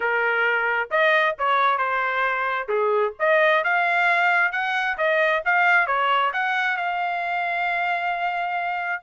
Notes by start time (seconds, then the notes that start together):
0.00 A#4
0.90 D#5
1.38 C#5
1.78 C5
2.68 G#4
3.19 D#5
3.64 F5
4.52 F#5
4.97 D#5
5.45 F5
5.86 C#5
6.33 F#5
6.76 F5